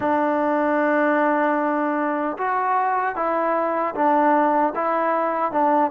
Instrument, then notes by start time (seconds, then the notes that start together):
trombone
0.00 D4
2.37 F#4
3.15 E4
3.94 D4
4.75 E4
5.52 D4